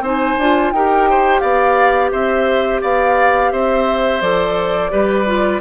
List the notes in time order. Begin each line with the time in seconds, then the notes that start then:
0.00 C4 D#4 C5 G#5
0.39 D4 F4
0.71 D#4 G4 A#4 G5
1.10 C5
1.40 B3 D5 F5
2.11 C4 C5 E5
2.82 B3 D5 F5
3.52 C4 C5 E5
4.21 F3 A4 D5
4.91 G3 G4 B4
5.26 F4